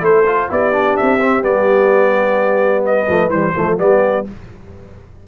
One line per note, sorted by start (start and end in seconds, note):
0.00 0.48 A3
0.00 0.23 E4
0.00 0.52 A4
0.00 0.51 C5
0.26 0.50 F4
0.50 0.98 B3
0.50 0.72 E4
0.50 2.87 G4
0.50 0.97 D5
0.72 1.19 D4
0.97 1.43 C4
0.97 1.44 E5
1.21 1.42 C4
1.42 3.07 G3
1.42 3.06 B3
1.42 2.85 D5
2.86 3.57 B4
2.86 3.31 D#5
3.09 3.29 F3
3.09 3.31 A3
3.29 3.52 E3
3.29 3.55 G3
3.29 3.77 C5
3.56 3.79 F3
3.56 3.78 A3
3.56 3.81 A4
3.78 4.26 G3
3.78 4.25 B3
3.78 4.27 G4
3.78 4.26 D5